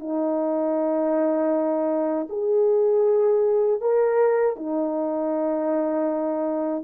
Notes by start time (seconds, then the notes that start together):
0.00 D#4
2.30 G#4
3.81 A#4
4.57 D#4